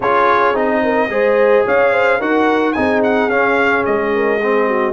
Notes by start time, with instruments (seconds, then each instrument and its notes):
0.00 tuba C#4, trombone F4, horn G#4, trumpet C#5
0.53 tuba C4, trombone D#4, trumpet D#5
0.83 horn A#4
1.08 tuba G#3, trombone G#4, horn C5
1.66 tuba C#4, horn C#5, trumpet F5
1.92 horn C5
2.19 tuba D#4, trombone F#4, horn A#4, trumpet F#5
2.73 tuba C4, trombone D#4, horn G#4, trumpet G#5
3.03 trumpet F#5
3.28 tuba C#4, trombone C#4, trumpet F5
3.85 tuba G#3, trumpet D#5
4.14 horn A#4
4.40 trombone C4, horn G#4
4.67 horn F#4